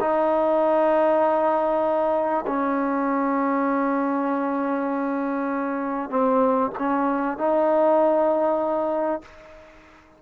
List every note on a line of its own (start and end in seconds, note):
0.00 2.45 D#4
2.47 6.09 C#4
6.09 6.71 C4
6.78 7.38 C#4
7.38 9.21 D#4